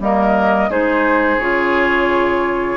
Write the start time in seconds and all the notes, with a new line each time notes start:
0.00 G3 A#3 A#4 D#5
0.70 G#3 D#4 G#4 C5
1.37 C#3 F4 C#5